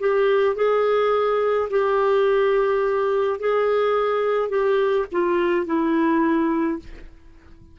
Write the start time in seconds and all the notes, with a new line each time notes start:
0.00 G4
0.56 G#4
1.70 G4
3.40 G#4
4.50 G4
5.12 F4
5.66 E4